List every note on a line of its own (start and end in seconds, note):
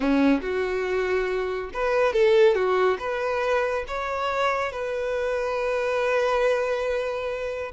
0.00 0.40 C#4
0.41 1.70 F#4
1.73 2.13 B4
2.13 2.54 A4
2.54 2.97 F#4
2.99 3.85 B4
3.87 4.71 C#5
4.71 7.71 B4